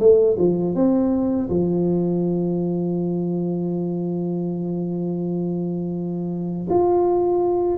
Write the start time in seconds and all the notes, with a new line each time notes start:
0.00 A3
0.39 F3
0.75 C4
1.50 F3
6.70 F4